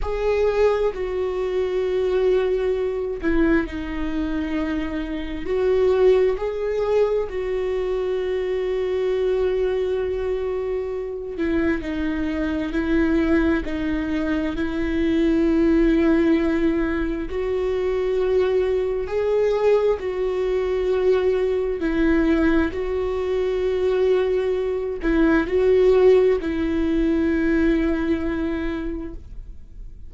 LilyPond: \new Staff \with { instrumentName = "viola" } { \time 4/4 \tempo 4 = 66 gis'4 fis'2~ fis'8 e'8 | dis'2 fis'4 gis'4 | fis'1~ | fis'8 e'8 dis'4 e'4 dis'4 |
e'2. fis'4~ | fis'4 gis'4 fis'2 | e'4 fis'2~ fis'8 e'8 | fis'4 e'2. | }